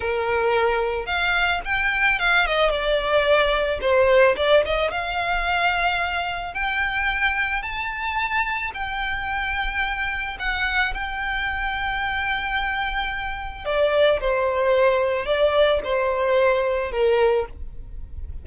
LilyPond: \new Staff \with { instrumentName = "violin" } { \time 4/4 \tempo 4 = 110 ais'2 f''4 g''4 | f''8 dis''8 d''2 c''4 | d''8 dis''8 f''2. | g''2 a''2 |
g''2. fis''4 | g''1~ | g''4 d''4 c''2 | d''4 c''2 ais'4 | }